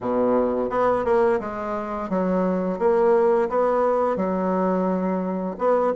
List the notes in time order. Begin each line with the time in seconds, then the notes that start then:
0.00 B2
0.69 B3
1.05 A#3
1.40 G#3
2.09 F#3
2.78 A#3
3.49 B3
4.16 F#3
5.58 B3